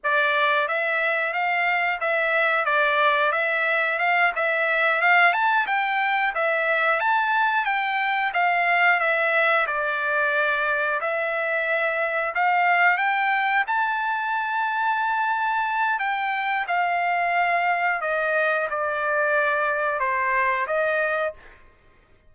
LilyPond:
\new Staff \with { instrumentName = "trumpet" } { \time 4/4 \tempo 4 = 90 d''4 e''4 f''4 e''4 | d''4 e''4 f''8 e''4 f''8 | a''8 g''4 e''4 a''4 g''8~ | g''8 f''4 e''4 d''4.~ |
d''8 e''2 f''4 g''8~ | g''8 a''2.~ a''8 | g''4 f''2 dis''4 | d''2 c''4 dis''4 | }